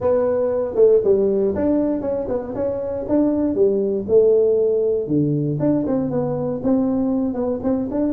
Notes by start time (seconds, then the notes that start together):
0.00 B3
0.75 A3
1.04 G3
1.55 D4
2.01 C#4
2.28 B3
2.54 C#4
3.08 D4
3.55 G3
4.07 A3
5.07 D3
5.59 D4
5.86 C4
6.10 B3
6.63 C4
7.34 B3
7.63 C4
7.90 D4